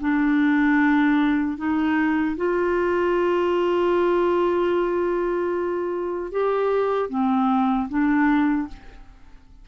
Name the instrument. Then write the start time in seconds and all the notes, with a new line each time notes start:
clarinet
0.00 D4
1.57 D#4
2.36 F4
6.31 G4
7.09 C4
7.88 D4